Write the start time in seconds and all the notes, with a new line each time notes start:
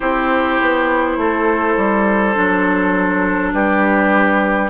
0.00 C4 E4 G4 C5
0.61 B3
1.17 A3 A4
1.76 G3
2.34 F#3 D4
3.52 G3 G4 B4